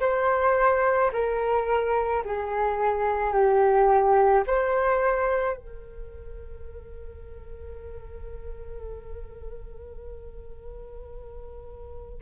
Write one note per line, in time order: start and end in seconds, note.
0.00 1.11 C5
1.13 2.24 A#4
2.25 3.33 G#4
3.33 4.44 G4
4.47 5.57 C5
5.57 12.22 A#4